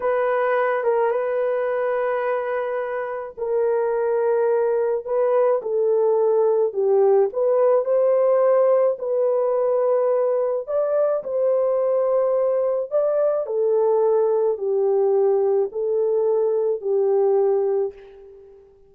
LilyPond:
\new Staff \with { instrumentName = "horn" } { \time 4/4 \tempo 4 = 107 b'4. ais'8 b'2~ | b'2 ais'2~ | ais'4 b'4 a'2 | g'4 b'4 c''2 |
b'2. d''4 | c''2. d''4 | a'2 g'2 | a'2 g'2 | }